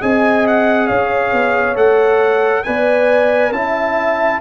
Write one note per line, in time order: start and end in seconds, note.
0.00 0.90 C4
0.00 1.75 G#4
0.00 0.87 D#5
0.00 0.46 G#5
0.47 0.87 F#5
0.87 1.32 C#4
0.87 2.63 C#5
0.87 1.75 F5
1.32 1.76 B3
1.75 2.64 A3
1.75 2.63 A4
1.75 2.63 F#5
2.63 3.51 B3
2.63 3.53 B4
2.63 3.54 D5
2.63 3.52 G#5
3.51 4.39 C#4
3.51 4.41 E4
3.51 4.41 E5
3.51 4.40 A5